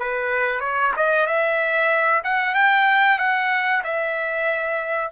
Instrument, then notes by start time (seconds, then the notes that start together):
trumpet
0.00 B4
0.61 C#5
0.97 D#5
1.27 E5
2.24 F#5
2.55 G5
3.19 F#5
3.84 E5